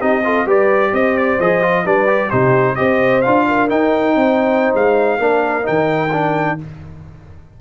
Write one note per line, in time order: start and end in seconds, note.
0.00 0.46 C4
0.00 0.23 D#4
0.00 0.23 G4
0.00 0.47 D#5
0.24 0.46 F4
0.24 0.46 A4
0.46 0.92 G3
0.46 1.39 G4
0.46 0.92 B4
0.46 0.94 D5
0.92 1.39 C4
0.92 1.85 C5
0.92 1.17 D#5
1.17 1.40 D5
1.40 1.85 F3
1.40 1.62 G#4
1.40 1.86 D#5
1.62 1.85 F4
1.85 2.31 G3
1.85 2.07 D4
1.85 2.29 B4
1.85 2.30 D5
2.07 2.30 G4
2.29 2.78 C3
2.29 2.76 D#4
2.29 2.75 G4
2.29 2.75 C5
2.75 3.25 C4
2.75 3.22 G4
2.75 3.47 C5
2.75 3.21 D#5
3.21 3.72 D4
3.21 3.69 F4
3.21 3.68 F5
3.48 4.17 A#4
3.69 5.19 D#4
3.69 4.15 D#4
3.69 4.74 G5
4.15 4.73 C4
4.15 5.21 C5
4.74 5.19 G#3
4.74 5.66 F5
5.19 5.65 A#3
5.19 5.62 D4
5.19 6.59 A#4
5.62 6.08 D#4
5.62 6.59 G5
5.68 6.61 D#3
6.12 6.58 D4